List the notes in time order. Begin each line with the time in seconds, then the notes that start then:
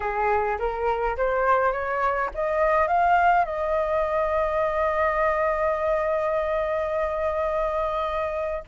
0.00 G#4
0.58 A#4
1.16 C5
1.72 C#5
2.34 D#5
2.87 F5
3.44 D#5